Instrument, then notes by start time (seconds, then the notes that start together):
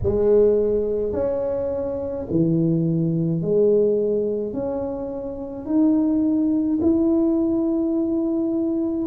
tuba
0.03 G#3
1.13 C#4
2.30 E3
3.41 G#3
4.53 C#4
5.65 D#4
6.81 E4